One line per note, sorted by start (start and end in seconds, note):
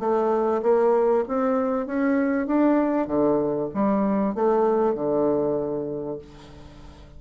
0.00 0.62 A3
0.63 1.25 A#3
1.28 1.87 C4
1.87 2.47 C#4
2.47 3.08 D4
3.08 3.69 D3
3.75 4.35 G3
4.35 4.95 A3
4.95 6.19 D3